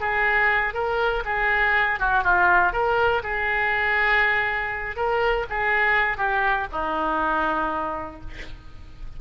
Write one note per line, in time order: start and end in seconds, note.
0.00 0.74 G#4
0.74 1.23 A#4
1.25 1.99 G#4
1.99 2.24 F#4
2.24 2.73 F4
2.73 3.22 A#4
3.23 4.96 G#4
4.96 5.46 A#4
5.50 6.17 G#4
6.17 6.67 G4
6.72 8.20 D#4